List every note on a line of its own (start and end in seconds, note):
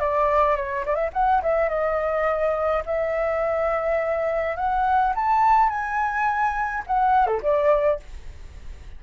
0.00 0.56 D5
0.56 0.85 C#5
0.86 0.96 D5
0.96 1.10 E5
1.14 1.42 F#5
1.43 1.69 E5
1.69 2.83 D#5
2.86 4.57 E5
4.57 5.14 F#5
5.15 5.69 A5
5.69 6.84 G#5
6.87 7.27 F#5
7.27 7.42 A4
7.43 8.00 D5